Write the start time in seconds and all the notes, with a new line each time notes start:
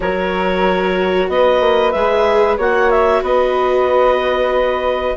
0.00 F#3 F#4 A#4 C#5
1.28 B3 B4 D#5
1.60 A#3
1.91 G#3 G#4 E5
2.57 A#3 F#4 C#5 F#5
2.90 E5
3.21 B3 B4 D#5